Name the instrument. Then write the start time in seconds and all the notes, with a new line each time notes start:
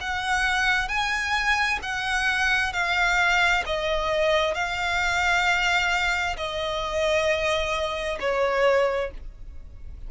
violin
0.00 F#5
0.88 G#5
1.82 F#5
2.72 F5
3.66 D#5
4.54 F5
6.36 D#5
8.19 C#5